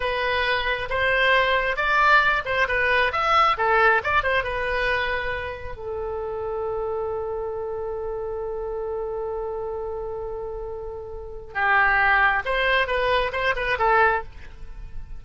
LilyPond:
\new Staff \with { instrumentName = "oboe" } { \time 4/4 \tempo 4 = 135 b'2 c''2 | d''4. c''8 b'4 e''4 | a'4 d''8 c''8 b'2~ | b'4 a'2.~ |
a'1~ | a'1~ | a'2 g'2 | c''4 b'4 c''8 b'8 a'4 | }